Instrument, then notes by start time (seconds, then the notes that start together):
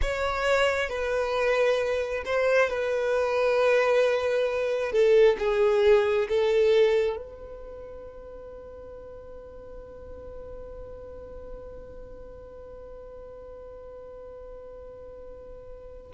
violin
0.01 C#5
0.89 B4
2.25 C5
2.69 B4
4.92 A4
5.38 G#4
6.28 A4
7.16 B4